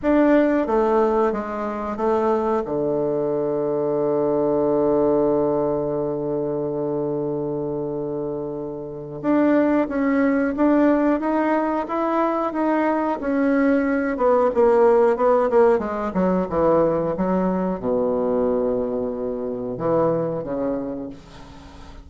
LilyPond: \new Staff \with { instrumentName = "bassoon" } { \time 4/4 \tempo 4 = 91 d'4 a4 gis4 a4 | d1~ | d1~ | d2 d'4 cis'4 |
d'4 dis'4 e'4 dis'4 | cis'4. b8 ais4 b8 ais8 | gis8 fis8 e4 fis4 b,4~ | b,2 e4 cis4 | }